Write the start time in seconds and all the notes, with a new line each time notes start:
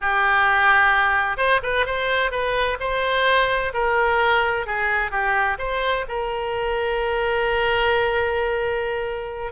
0.01 G4
1.37 C5
1.62 B4
1.86 C5
2.31 B4
2.79 C5
3.73 A#4
4.66 G#4
5.11 G4
5.58 C5
6.08 A#4